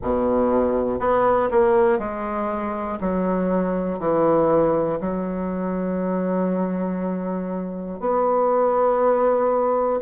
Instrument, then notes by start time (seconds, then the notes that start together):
bassoon
0.02 B2
0.99 B3
1.50 A#3
1.99 G#3
3.00 F#3
3.99 E3
5.00 F#3
8.00 B3